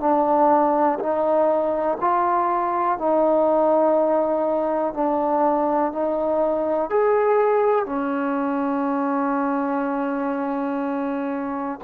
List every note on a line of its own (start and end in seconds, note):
0.00 0.98 D4
0.99 1.98 D#4
2.00 2.98 F4
2.98 4.94 D#4
4.94 5.92 D4
5.92 6.90 D#4
6.90 7.86 G#4
7.86 11.79 C#4